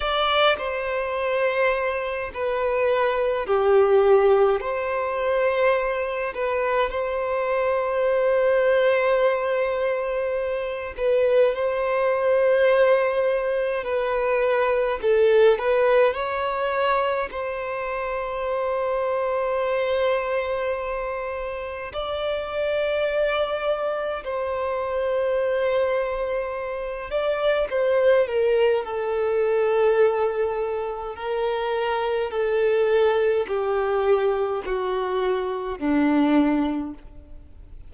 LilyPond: \new Staff \with { instrumentName = "violin" } { \time 4/4 \tempo 4 = 52 d''8 c''4. b'4 g'4 | c''4. b'8 c''2~ | c''4. b'8 c''2 | b'4 a'8 b'8 cis''4 c''4~ |
c''2. d''4~ | d''4 c''2~ c''8 d''8 | c''8 ais'8 a'2 ais'4 | a'4 g'4 fis'4 d'4 | }